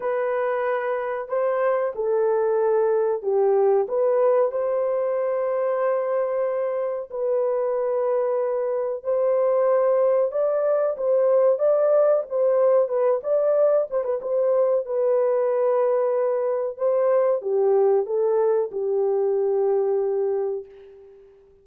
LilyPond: \new Staff \with { instrumentName = "horn" } { \time 4/4 \tempo 4 = 93 b'2 c''4 a'4~ | a'4 g'4 b'4 c''4~ | c''2. b'4~ | b'2 c''2 |
d''4 c''4 d''4 c''4 | b'8 d''4 c''16 b'16 c''4 b'4~ | b'2 c''4 g'4 | a'4 g'2. | }